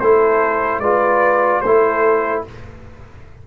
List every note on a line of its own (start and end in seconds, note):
0.00 0.80 A3
0.00 0.83 E4
0.00 0.81 A4
0.00 0.80 C5
0.80 1.61 G#3
0.80 1.64 F4
0.80 1.62 B4
0.80 1.61 D5
1.61 2.45 A3
1.61 2.47 E4
1.61 2.45 A4
1.61 2.42 C5